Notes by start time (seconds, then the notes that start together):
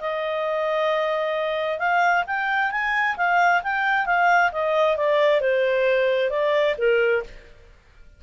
0.00 D#5
1.79 F5
2.27 G5
2.71 G#5
3.17 F5
3.63 G5
4.06 F5
4.52 D#5
4.97 D5
5.41 C5
6.30 D5
6.78 A#4